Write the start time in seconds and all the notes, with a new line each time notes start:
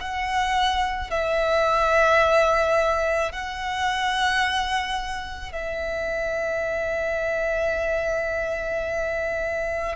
0.00 F#5
1.10 E5
3.32 F#5
5.52 E5